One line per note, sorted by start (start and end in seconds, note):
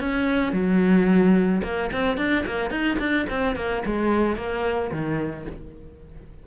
0.00 0.53 C#4
0.53 1.62 F#3
1.63 1.91 A#3
1.92 2.17 C4
2.17 2.45 D4
2.46 2.70 A#3
2.70 2.98 D#4
2.99 3.26 D4
3.30 3.56 C4
3.56 3.83 A#3
3.86 4.36 G#3
4.36 4.91 A#3
4.92 5.46 D#3